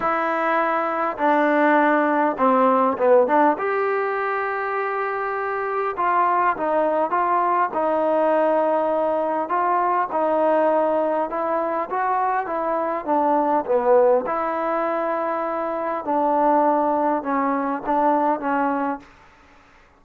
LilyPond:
\new Staff \with { instrumentName = "trombone" } { \time 4/4 \tempo 4 = 101 e'2 d'2 | c'4 b8 d'8 g'2~ | g'2 f'4 dis'4 | f'4 dis'2. |
f'4 dis'2 e'4 | fis'4 e'4 d'4 b4 | e'2. d'4~ | d'4 cis'4 d'4 cis'4 | }